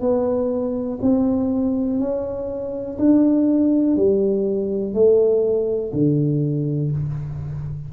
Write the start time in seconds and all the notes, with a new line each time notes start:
0.00 B3
1.01 C4
1.99 C#4
2.98 D4
3.96 G3
4.94 A3
5.93 D3